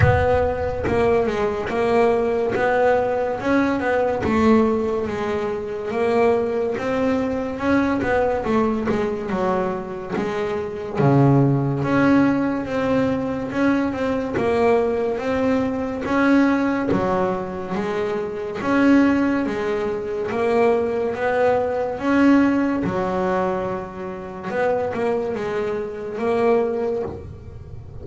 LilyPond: \new Staff \with { instrumentName = "double bass" } { \time 4/4 \tempo 4 = 71 b4 ais8 gis8 ais4 b4 | cis'8 b8 a4 gis4 ais4 | c'4 cis'8 b8 a8 gis8 fis4 | gis4 cis4 cis'4 c'4 |
cis'8 c'8 ais4 c'4 cis'4 | fis4 gis4 cis'4 gis4 | ais4 b4 cis'4 fis4~ | fis4 b8 ais8 gis4 ais4 | }